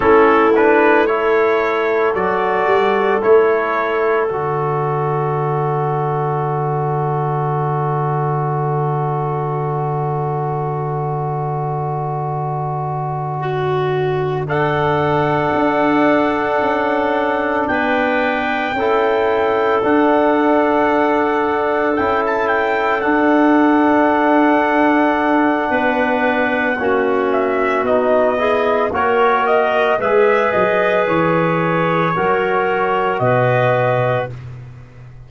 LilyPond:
<<
  \new Staff \with { instrumentName = "trumpet" } { \time 4/4 \tempo 4 = 56 a'8 b'8 cis''4 d''4 cis''4 | d''1~ | d''1~ | d''4. fis''2~ fis''8~ |
fis''8 g''2 fis''4.~ | fis''8 g''16 a''16 g''8 fis''2~ fis''8~ | fis''4. e''8 dis''4 cis''8 dis''8 | e''8 dis''8 cis''2 dis''4 | }
  \new Staff \with { instrumentName = "clarinet" } { \time 4/4 e'4 a'2.~ | a'1~ | a'1~ | a'8 fis'4 a'2~ a'8~ |
a'8 b'4 a'2~ a'8~ | a'1 | b'4 fis'4. gis'8 ais'4 | b'2 ais'4 b'4 | }
  \new Staff \with { instrumentName = "trombone" } { \time 4/4 cis'8 d'8 e'4 fis'4 e'4 | fis'1~ | fis'1~ | fis'4. d'2~ d'8~ |
d'4. e'4 d'4.~ | d'8 e'4 d'2~ d'8~ | d'4 cis'4 dis'8 e'8 fis'4 | gis'2 fis'2 | }
  \new Staff \with { instrumentName = "tuba" } { \time 4/4 a2 fis8 g8 a4 | d1~ | d1~ | d2~ d8 d'4 cis'8~ |
cis'8 b4 cis'4 d'4.~ | d'8 cis'4 d'2~ d'8 | b4 ais4 b4 ais4 | gis8 fis8 e4 fis4 b,4 | }
>>